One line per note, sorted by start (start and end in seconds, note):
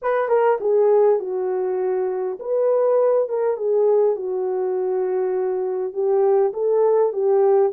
0.01 0.28 B4
0.28 0.58 A#4
0.60 1.19 G#4
1.19 2.38 F#4
2.39 3.28 B4
3.28 3.56 A#4
3.56 4.16 G#4
4.16 5.93 F#4
5.93 6.52 G4
6.53 7.12 A4
7.12 7.72 G4